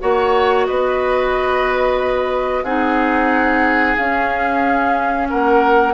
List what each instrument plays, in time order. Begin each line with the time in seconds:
0.00 bassoon A#3, clarinet F#4, oboe C#5, flute F#5
0.66 bassoon B3, oboe B4, flute D#5
2.63 bassoon C4, clarinet D#4, oboe G#4, flute F#5
3.97 clarinet C#4, bassoon C#4, flute F5
5.30 bassoon A#3, oboe A#4, flute F#5